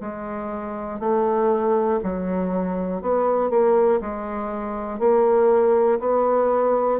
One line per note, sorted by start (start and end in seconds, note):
0.00 1.00 G#3
1.00 2.00 A3
2.03 3.01 F#3
3.01 3.50 B3
3.50 4.00 A#3
4.00 4.99 G#3
4.99 5.99 A#3
6.00 7.00 B3